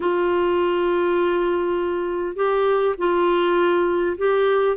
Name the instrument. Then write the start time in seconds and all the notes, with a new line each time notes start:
clarinet
0.00 F4
2.35 G4
2.97 F4
4.17 G4